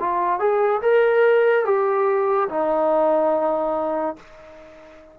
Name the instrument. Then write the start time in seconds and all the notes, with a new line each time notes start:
trombone
0.00 F4
0.39 G#4
0.82 A#4
1.66 G4
2.50 D#4